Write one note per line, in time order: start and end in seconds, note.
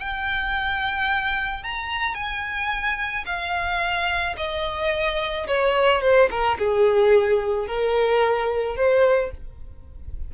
0.00 1.63 G5
1.63 2.15 A#5
2.15 3.25 G#5
3.26 4.36 F5
4.37 5.47 D#5
5.48 6.02 C#5
6.02 6.29 C5
6.31 6.58 A#4
6.59 7.68 G#4
7.68 8.76 A#4
8.76 9.31 C5